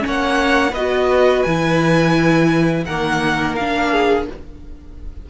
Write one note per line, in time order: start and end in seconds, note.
0.00 0.71 C#4
0.06 0.73 A#3
0.06 0.72 C#5
0.06 0.74 F#5
0.72 1.43 B3
0.72 1.47 F#4
0.72 2.83 B4
0.72 1.43 D#5
1.43 2.87 E3
1.43 2.88 E4
1.43 2.84 G#5
2.86 3.57 D#3
2.86 3.59 A#3
2.86 3.91 A#4
2.86 3.55 F#5
3.55 4.28 A#3
3.55 4.30 D4
3.55 4.26 F5
3.91 4.26 G#4